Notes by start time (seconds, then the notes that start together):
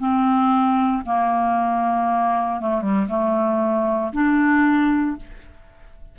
0.00 C4
1.06 A#3
2.61 A3
2.82 G3
3.09 A3
4.13 D4